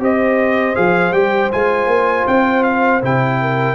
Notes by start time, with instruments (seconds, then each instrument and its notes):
0.00 tuba C4, trombone G4, horn C5, trumpet D#5
0.75 tuba F3, trombone G#4, trumpet F5
1.11 tuba G3, trombone G4, trumpet G5
1.52 tuba G#3, trombone F4, trumpet G#5
1.87 tuba A#3
2.27 tuba C4, trumpet G5
2.64 trumpet F5
3.03 tuba C3, trombone E4, trumpet G5
3.41 horn A#4